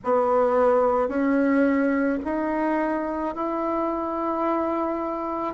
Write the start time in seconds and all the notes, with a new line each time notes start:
0.04 B3
1.08 C#4
2.24 D#4
3.35 E4